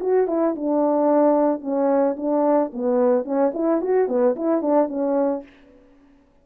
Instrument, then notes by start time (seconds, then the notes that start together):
horn
0.00 F#4
0.28 E4
0.55 D4
1.61 C#4
2.17 D4
2.73 B3
3.24 C#4
3.54 E4
3.81 F#4
4.08 B3
4.36 E4
4.62 D4
4.88 C#4